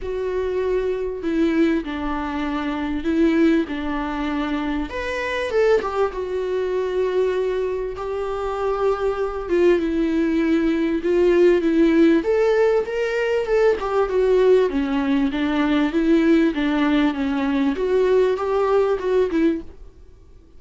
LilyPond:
\new Staff \with { instrumentName = "viola" } { \time 4/4 \tempo 4 = 98 fis'2 e'4 d'4~ | d'4 e'4 d'2 | b'4 a'8 g'8 fis'2~ | fis'4 g'2~ g'8 f'8 |
e'2 f'4 e'4 | a'4 ais'4 a'8 g'8 fis'4 | cis'4 d'4 e'4 d'4 | cis'4 fis'4 g'4 fis'8 e'8 | }